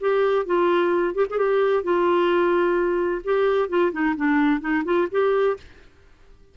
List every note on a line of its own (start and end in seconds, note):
0.00 0.46 G4
0.46 1.14 F4
1.14 1.26 G4
1.30 1.38 G#4
1.38 1.83 G4
1.83 3.22 F4
3.24 3.69 G4
3.69 3.92 F4
3.92 4.15 D#4
4.16 4.60 D4
4.60 4.84 D#4
4.85 5.08 F4
5.11 5.57 G4